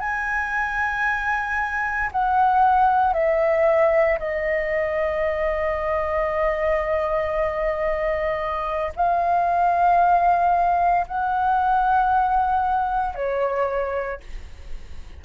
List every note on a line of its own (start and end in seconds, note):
0.00 2.11 G#5
2.12 3.13 F#5
3.13 4.19 E5
4.19 8.93 D#5
8.96 11.06 F5
11.08 13.15 F#5
13.15 14.21 C#5